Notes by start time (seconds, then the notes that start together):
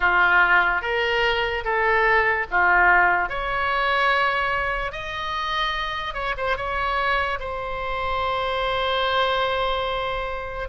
0.00 F4
0.81 A#4
1.64 A4
2.50 F4
3.29 C#5
4.92 D#5
6.14 C#5
6.37 C5
6.56 C#5
7.39 C5